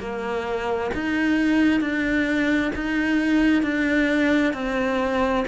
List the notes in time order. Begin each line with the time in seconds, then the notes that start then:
0.00 A#3
0.94 D#4
1.81 D4
2.76 D#4
3.62 D4
4.54 C4